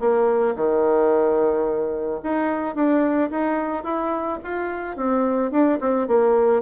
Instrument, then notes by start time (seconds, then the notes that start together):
bassoon
0.00 A#3
0.56 D#3
2.23 D#4
2.75 D4
3.31 D#4
3.84 E4
4.43 F4
4.96 C4
5.51 D4
5.80 C4
6.08 A#3